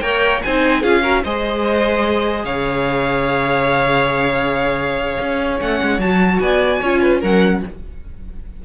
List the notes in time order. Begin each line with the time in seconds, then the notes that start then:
0.00 A#3 A#4 C#5 G5
0.42 C4 D#4 C5 G#5
0.81 C#4 F4 G#4 F5
1.02 F#4 A#4
1.23 G#3 G#4 C5 D#5
2.44 C#3 C#5 F5
5.20 C#4
5.58 A3 C#4 F#5
5.82 G#3
5.98 F#3 F#4 A5
6.39 B3 D5 G#5
6.80 C#4 F4 C#5
7.02 B4
7.20 F#3 C#4 A#4 F#5